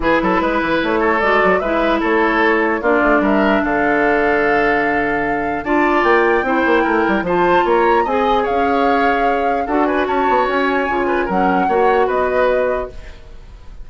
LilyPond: <<
  \new Staff \with { instrumentName = "flute" } { \time 4/4 \tempo 4 = 149 b'2 cis''4 d''4 | e''4 cis''2 d''4 | e''4 f''2.~ | f''2 a''4 g''4~ |
g''2 a''4 ais''4 | gis''4 f''2. | fis''8 gis''8 a''4 gis''2 | fis''2 dis''2 | }
  \new Staff \with { instrumentName = "oboe" } { \time 4/4 gis'8 a'8 b'4. a'4. | b'4 a'2 f'4 | ais'4 a'2.~ | a'2 d''2 |
c''4 ais'4 c''4 cis''4 | dis''4 cis''2. | a'8 b'8 cis''2~ cis''8 b'8 | ais'4 cis''4 b'2 | }
  \new Staff \with { instrumentName = "clarinet" } { \time 4/4 e'2. fis'4 | e'2. d'4~ | d'1~ | d'2 f'2 |
e'2 f'2 | gis'1 | fis'2. f'4 | cis'4 fis'2. | }
  \new Staff \with { instrumentName = "bassoon" } { \time 4/4 e8 fis8 gis8 e8 a4 gis8 fis8 | gis4 a2 ais8 a8 | g4 d2.~ | d2 d'4 ais4 |
c'8 ais8 a8 g8 f4 ais4 | c'4 cis'2. | d'4 cis'8 b8 cis'4 cis4 | fis4 ais4 b2 | }
>>